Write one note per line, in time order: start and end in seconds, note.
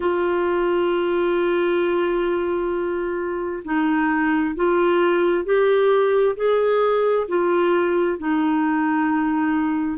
0.00 3.63 F4
3.64 4.55 D#4
4.55 5.44 F4
5.44 6.35 G4
6.36 7.27 G#4
7.27 8.18 F4
8.18 9.98 D#4